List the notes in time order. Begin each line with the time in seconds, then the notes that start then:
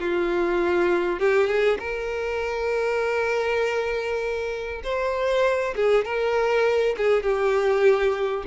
0.00 F4
1.20 G4
1.48 G#4
1.80 A#4
4.84 C5
5.76 G#4
6.05 A#4
6.98 G#4
7.23 G4